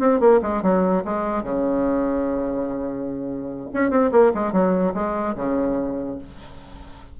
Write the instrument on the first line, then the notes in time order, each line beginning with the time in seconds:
bassoon
0.00 C4
0.20 A#3
0.42 G#3
0.63 F#3
1.05 G#3
1.43 C#3
3.74 C#4
3.91 C4
4.12 A#3
4.35 G#3
4.53 F#3
4.94 G#3
5.36 C#3